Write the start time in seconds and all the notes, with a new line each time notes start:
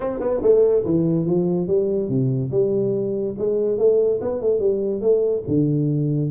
0.00 C4
0.19 B3
0.42 A3
0.84 E3
1.25 F3
1.67 G3
2.08 C3
2.51 G3
3.38 G#3
3.78 A3
4.21 B3
4.41 A3
4.59 G3
5.01 A3
5.47 D3